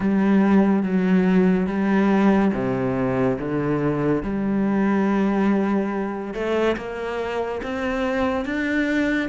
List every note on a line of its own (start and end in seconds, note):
0.00 0.82 G3
0.82 1.67 F#3
1.67 2.51 G3
2.53 3.38 C3
3.38 4.23 D3
4.23 6.33 G3
6.33 6.76 A3
6.76 7.61 A#3
7.62 8.45 C4
8.45 9.29 D4